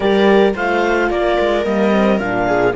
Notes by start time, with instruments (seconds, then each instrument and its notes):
0.00 cello G3, horn G4, viola A#4, clarinet D5
0.54 cello A3, horn F4, viola C5, clarinet F5
1.10 cello A#3, viola A#4, clarinet D5
1.39 cello G#3
1.64 cello G3, horn A#3, clarinet D#5
1.90 horn C4
2.18 cello A#2, horn D4, clarinet F5
2.46 viola G#4